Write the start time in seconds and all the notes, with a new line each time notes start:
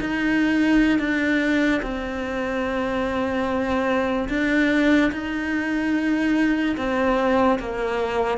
0.00 D#4
0.99 D4
1.82 C4
4.29 D4
5.12 D#4
6.77 C4
7.59 A#3